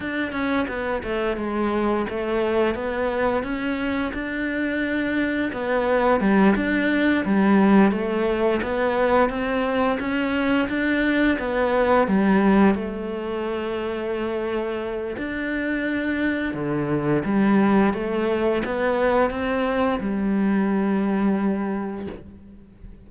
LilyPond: \new Staff \with { instrumentName = "cello" } { \time 4/4 \tempo 4 = 87 d'8 cis'8 b8 a8 gis4 a4 | b4 cis'4 d'2 | b4 g8 d'4 g4 a8~ | a8 b4 c'4 cis'4 d'8~ |
d'8 b4 g4 a4.~ | a2 d'2 | d4 g4 a4 b4 | c'4 g2. | }